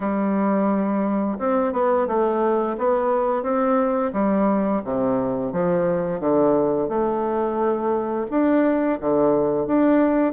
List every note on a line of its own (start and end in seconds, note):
0.00 1.38 G3
1.38 1.72 C4
1.72 2.07 B3
2.07 2.76 A3
2.78 3.42 B3
3.42 4.11 C4
4.13 4.82 G3
4.84 5.52 C3
5.52 6.20 F3
6.20 6.88 D3
6.88 8.26 A3
8.30 8.99 D4
9.00 9.66 D3
9.66 10.33 D4